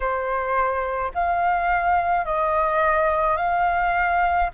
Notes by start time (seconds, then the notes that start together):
0.00 C5
1.14 F5
2.25 D#5
3.37 F5